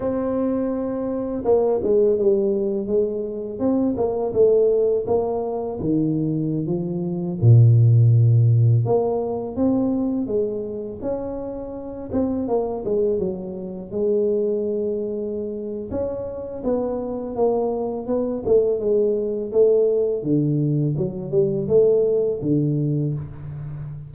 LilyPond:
\new Staff \with { instrumentName = "tuba" } { \time 4/4 \tempo 4 = 83 c'2 ais8 gis8 g4 | gis4 c'8 ais8 a4 ais4 | dis4~ dis16 f4 ais,4.~ ais,16~ | ais,16 ais4 c'4 gis4 cis'8.~ |
cis'8. c'8 ais8 gis8 fis4 gis8.~ | gis2 cis'4 b4 | ais4 b8 a8 gis4 a4 | d4 fis8 g8 a4 d4 | }